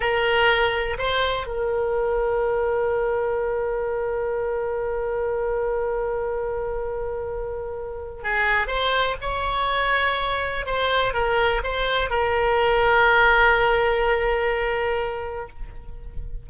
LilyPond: \new Staff \with { instrumentName = "oboe" } { \time 4/4 \tempo 4 = 124 ais'2 c''4 ais'4~ | ais'1~ | ais'1~ | ais'1~ |
ais'4 gis'4 c''4 cis''4~ | cis''2 c''4 ais'4 | c''4 ais'2.~ | ais'1 | }